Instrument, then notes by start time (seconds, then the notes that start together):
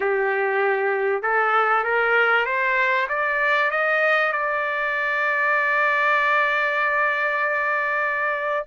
trumpet
0.00 G4
1.22 A4
1.84 A#4
2.45 C5
3.08 D5
3.71 D#5
4.32 D5